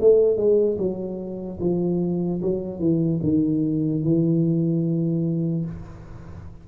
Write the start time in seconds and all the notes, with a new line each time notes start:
0.00 A3
0.36 G#3
0.77 F#3
1.60 F3
2.41 F#3
2.79 E3
3.22 D#3
4.03 E3